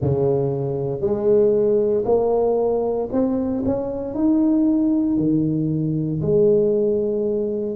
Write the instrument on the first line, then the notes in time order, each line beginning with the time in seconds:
tuba
0.01 C#3
1.01 G#3
2.05 A#3
3.11 C4
3.65 C#4
4.14 D#4
5.17 D#3
6.21 G#3